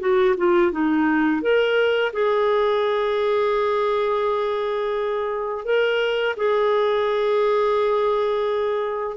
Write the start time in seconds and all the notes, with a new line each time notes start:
0.00 F#4
0.37 F4
0.72 D#4
1.42 A#4
2.13 G#4
5.65 A#4
6.37 G#4